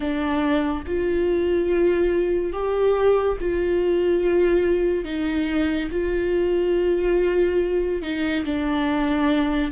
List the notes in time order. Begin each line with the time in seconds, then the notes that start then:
0.00 D4
0.86 F4
2.52 G4
3.40 F4
5.04 D#4
5.91 F4
8.02 D#4
8.45 D4